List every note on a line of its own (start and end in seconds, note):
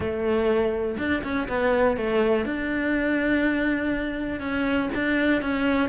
0.00 0.97 A3
0.98 1.22 D4
1.23 1.48 C#4
1.48 1.96 B3
1.96 2.45 A3
2.45 4.40 D4
4.40 4.89 C#4
4.94 5.41 D4
5.41 5.89 C#4